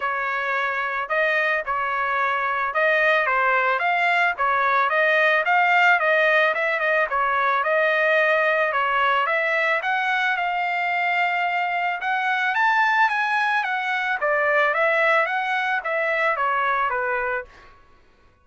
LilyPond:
\new Staff \with { instrumentName = "trumpet" } { \time 4/4 \tempo 4 = 110 cis''2 dis''4 cis''4~ | cis''4 dis''4 c''4 f''4 | cis''4 dis''4 f''4 dis''4 | e''8 dis''8 cis''4 dis''2 |
cis''4 e''4 fis''4 f''4~ | f''2 fis''4 a''4 | gis''4 fis''4 d''4 e''4 | fis''4 e''4 cis''4 b'4 | }